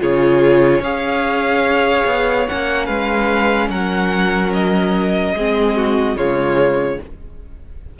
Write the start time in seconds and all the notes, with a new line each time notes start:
0.00 C#3 F4 G#4 C#5
0.80 C#4 G#4 C#5 F5
2.06 B3
2.48 A#3 C#4 F#5
2.86 G#3 B4 F5
3.69 F#3 A#4 F#5
4.53 D#5
5.34 G#3 C4 G#4
5.77 F#4
6.16 C#3 G#3 F4 C#5